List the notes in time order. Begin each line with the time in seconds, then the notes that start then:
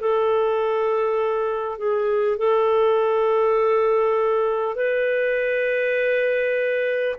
0.00 A4
1.78 G#4
2.37 A4
4.75 B4